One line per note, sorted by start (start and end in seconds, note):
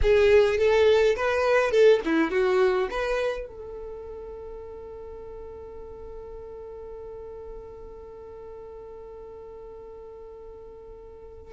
0.02 0.58 G#4
0.58 1.15 A4
1.15 1.71 B4
1.71 2.00 A4
2.05 2.31 E4
2.31 2.88 F#4
2.90 3.47 B4
3.47 11.53 A4